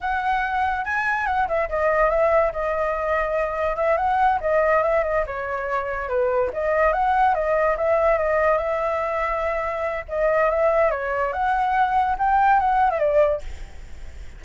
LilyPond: \new Staff \with { instrumentName = "flute" } { \time 4/4 \tempo 4 = 143 fis''2 gis''4 fis''8 e''8 | dis''4 e''4 dis''2~ | dis''4 e''8 fis''4 dis''4 e''8 | dis''8 cis''2 b'4 dis''8~ |
dis''8 fis''4 dis''4 e''4 dis''8~ | dis''8 e''2.~ e''8 | dis''4 e''4 cis''4 fis''4~ | fis''4 g''4 fis''8. e''16 d''4 | }